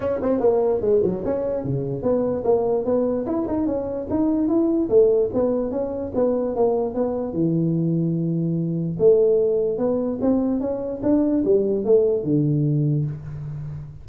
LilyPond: \new Staff \with { instrumentName = "tuba" } { \time 4/4 \tempo 4 = 147 cis'8 c'8 ais4 gis8 fis8 cis'4 | cis4 b4 ais4 b4 | e'8 dis'8 cis'4 dis'4 e'4 | a4 b4 cis'4 b4 |
ais4 b4 e2~ | e2 a2 | b4 c'4 cis'4 d'4 | g4 a4 d2 | }